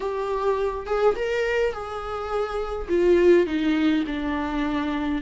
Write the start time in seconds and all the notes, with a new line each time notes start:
0.00 G4
0.86 G#4
1.15 A#4
1.72 G#4
2.88 F4
3.46 D#4
4.06 D4